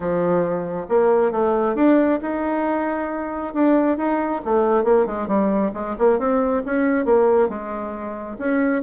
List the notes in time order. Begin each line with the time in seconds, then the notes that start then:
0.00 F3
0.88 A#3
1.31 A3
1.75 D4
2.21 D#4
3.53 D4
3.97 D#4
4.44 A3
4.84 A#3
5.06 G#3
5.27 G3
5.73 G#3
5.98 A#3
6.18 C4
6.65 C#4
7.05 A#3
7.49 G#3
8.38 C#4